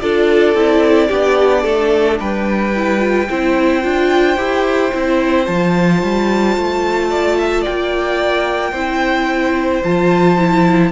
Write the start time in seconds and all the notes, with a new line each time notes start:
0.00 D4 F4 A4 D5
0.54 C4 E4
1.08 B3 D4 G4
1.62 A3 A4
2.20 G3 B4 G5
2.75 E4
2.99 F4
3.29 C4 E4 C5
3.82 D4 F4
4.37 E4 G4
4.92 C4 E4
5.45 F3 F4 A5
6.02 G3
6.57 A3
7.10 D5
7.38 E5
7.61 A#3 D5 G5
8.71 C4 E4 C5
9.83 F3 F4 A5
10.37 E4